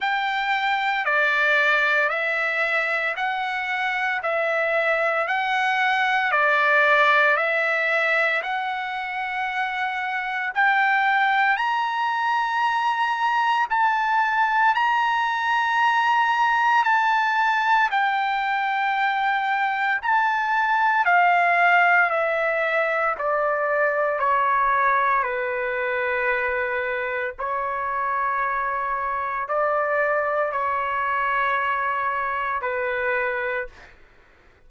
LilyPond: \new Staff \with { instrumentName = "trumpet" } { \time 4/4 \tempo 4 = 57 g''4 d''4 e''4 fis''4 | e''4 fis''4 d''4 e''4 | fis''2 g''4 ais''4~ | ais''4 a''4 ais''2 |
a''4 g''2 a''4 | f''4 e''4 d''4 cis''4 | b'2 cis''2 | d''4 cis''2 b'4 | }